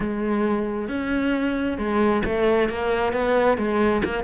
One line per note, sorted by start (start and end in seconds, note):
0.00 0.88 G#3
0.88 1.78 C#4
1.78 2.23 G#3
2.24 2.69 A3
2.69 3.12 A#3
3.12 3.57 B3
3.57 4.02 G#3
4.04 4.24 A#3